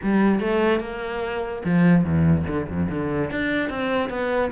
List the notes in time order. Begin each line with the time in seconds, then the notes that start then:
0.02 G3
0.40 A3
0.80 A#3
1.64 F3
2.04 E2
2.47 D3
2.69 F2
2.90 D3
3.30 D4
3.69 C4
4.09 B3